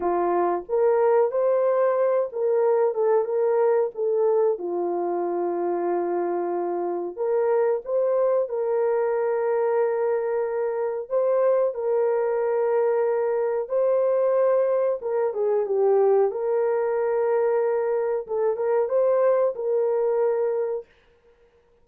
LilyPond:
\new Staff \with { instrumentName = "horn" } { \time 4/4 \tempo 4 = 92 f'4 ais'4 c''4. ais'8~ | ais'8 a'8 ais'4 a'4 f'4~ | f'2. ais'4 | c''4 ais'2.~ |
ais'4 c''4 ais'2~ | ais'4 c''2 ais'8 gis'8 | g'4 ais'2. | a'8 ais'8 c''4 ais'2 | }